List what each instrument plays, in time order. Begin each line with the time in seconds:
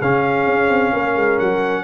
0.00 tuba C#3, trombone C#4, horn G#4, trumpet F5
0.47 tuba C#4
0.69 tuba C4
0.93 tuba A#3, horn A#4
1.16 tuba G#3
1.39 tuba F#3, trumpet F#5